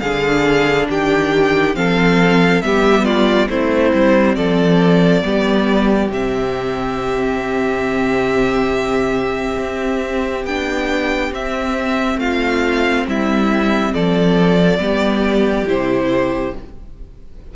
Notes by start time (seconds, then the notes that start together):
0.00 D3 D4 G#4 F5
0.90 D#3 G4 G5
1.75 F3 C4 A4 F5
2.62 G3 B3 G4 E5
3.05 F4 D5
3.49 A3 C4 E4 C5
3.94 G3
4.36 F3 A4 D5
5.23 G3 B3 G4
6.09 C3 C4 E5
9.58 C4
10.45 B3 D4 G5
11.32 C4 E5
12.17 A3 F4 F5
13.07 G3 E4 E5
13.93 F3 A4 D5
14.79 G3 B3 G4
15.67 C3 E4 C5